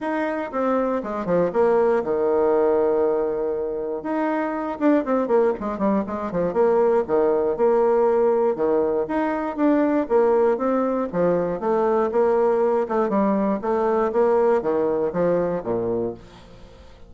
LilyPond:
\new Staff \with { instrumentName = "bassoon" } { \time 4/4 \tempo 4 = 119 dis'4 c'4 gis8 f8 ais4 | dis1 | dis'4. d'8 c'8 ais8 gis8 g8 | gis8 f8 ais4 dis4 ais4~ |
ais4 dis4 dis'4 d'4 | ais4 c'4 f4 a4 | ais4. a8 g4 a4 | ais4 dis4 f4 ais,4 | }